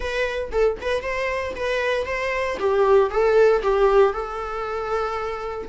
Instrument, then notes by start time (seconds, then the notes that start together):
viola
0.00 B4
0.51 A4
0.81 B4
1.02 C5
1.55 B4
2.05 C5
2.59 G4
3.10 A4
3.62 G4
4.13 A4